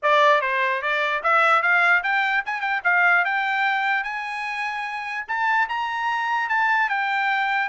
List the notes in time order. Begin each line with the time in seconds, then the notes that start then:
0.02 D5
0.41 C5
0.81 D5
1.23 E5
1.62 F5
2.03 G5
2.45 G#5
2.61 G5
2.84 F5
3.24 G5
4.03 G#5
5.27 A5
5.69 A#5
6.49 A5
6.89 G5